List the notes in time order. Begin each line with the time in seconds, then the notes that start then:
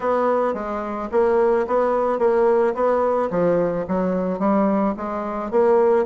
0.00 B3
0.54 G#3
1.11 A#3
1.67 B3
2.18 A#3
2.74 B3
3.30 F3
3.88 F#3
4.39 G3
4.96 G#3
5.50 A#3